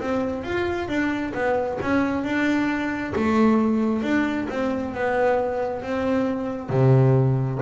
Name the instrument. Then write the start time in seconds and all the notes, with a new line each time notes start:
double bass
0.00 C4
0.44 F4
0.88 D4
1.34 B3
1.82 C#4
2.24 D4
3.15 A3
4.03 D4
4.49 C4
4.94 B3
5.82 C4
6.70 C3